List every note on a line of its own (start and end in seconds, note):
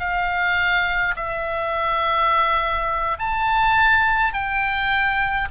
0.00 1.15 F5
1.16 3.18 E5
3.19 4.34 A5
4.34 5.49 G5